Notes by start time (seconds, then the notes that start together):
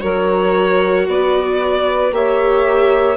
0.00 F#3 F#4 A#4 C#5
1.08 B3 B4 D5
2.12 A#3 G4 C#5 E5